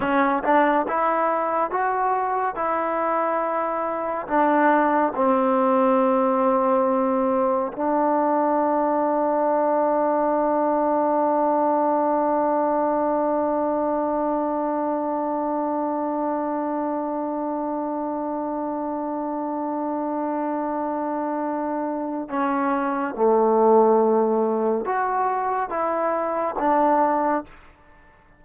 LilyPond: \new Staff \with { instrumentName = "trombone" } { \time 4/4 \tempo 4 = 70 cis'8 d'8 e'4 fis'4 e'4~ | e'4 d'4 c'2~ | c'4 d'2.~ | d'1~ |
d'1~ | d'1~ | d'2 cis'4 a4~ | a4 fis'4 e'4 d'4 | }